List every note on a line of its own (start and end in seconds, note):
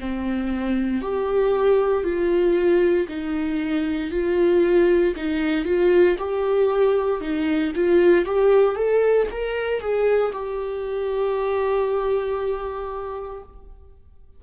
0.00 1.02 C4
1.02 2.04 G4
2.04 3.08 F4
3.08 4.11 D#4
4.11 5.14 F4
5.16 5.65 D#4
5.65 6.17 F4
6.19 7.21 G4
7.21 7.73 D#4
7.75 8.25 F4
8.25 8.76 G4
8.76 9.27 A4
9.32 9.80 A#4
9.80 10.32 G#4
10.33 13.43 G4